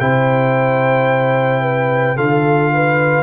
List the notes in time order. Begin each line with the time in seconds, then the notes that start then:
0.00 C3 E4 C5 G5
1.62 B4
2.16 D3 F4 A4 F5
2.74 B4